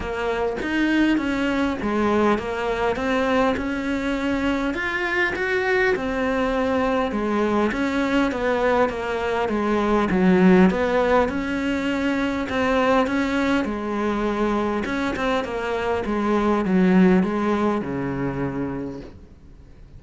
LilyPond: \new Staff \with { instrumentName = "cello" } { \time 4/4 \tempo 4 = 101 ais4 dis'4 cis'4 gis4 | ais4 c'4 cis'2 | f'4 fis'4 c'2 | gis4 cis'4 b4 ais4 |
gis4 fis4 b4 cis'4~ | cis'4 c'4 cis'4 gis4~ | gis4 cis'8 c'8 ais4 gis4 | fis4 gis4 cis2 | }